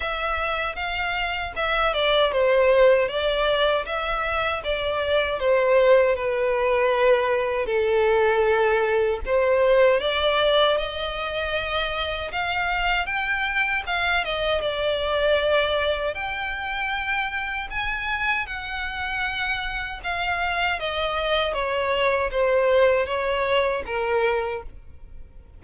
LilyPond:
\new Staff \with { instrumentName = "violin" } { \time 4/4 \tempo 4 = 78 e''4 f''4 e''8 d''8 c''4 | d''4 e''4 d''4 c''4 | b'2 a'2 | c''4 d''4 dis''2 |
f''4 g''4 f''8 dis''8 d''4~ | d''4 g''2 gis''4 | fis''2 f''4 dis''4 | cis''4 c''4 cis''4 ais'4 | }